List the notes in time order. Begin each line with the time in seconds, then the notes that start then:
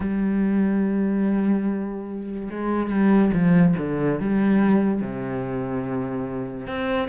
0.00 G3
2.50 G#3
2.89 G3
3.33 F3
3.78 D3
4.20 G3
5.01 C3
6.67 C4